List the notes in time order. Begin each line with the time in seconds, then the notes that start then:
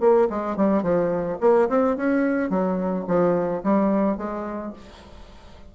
0.00 A#3
0.30 G#3
0.56 G3
0.83 F3
1.41 A#3
1.69 C4
1.96 C#4
2.49 F#3
3.07 F3
3.63 G3
4.17 G#3